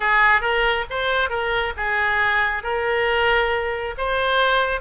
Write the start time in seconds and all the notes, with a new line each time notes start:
0.00 G#4
0.41 A#4
0.89 C5
1.29 A#4
1.77 G#4
2.63 A#4
3.97 C5